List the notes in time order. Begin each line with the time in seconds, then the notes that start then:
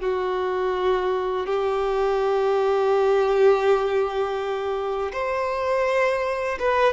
0.00 F#4
1.46 G4
5.12 C5
6.59 B4